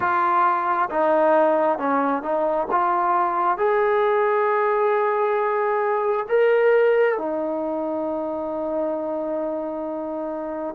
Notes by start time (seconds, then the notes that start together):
0.00 F4
0.90 D#4
1.78 C#4
2.22 D#4
2.71 F4
3.57 G#4
6.28 A#4
7.18 D#4